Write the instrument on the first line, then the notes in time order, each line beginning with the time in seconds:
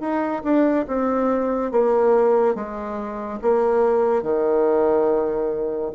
bassoon
0.00 D#4
0.43 D4
0.87 C4
1.71 A#3
2.55 G#3
3.41 A#3
4.22 D#3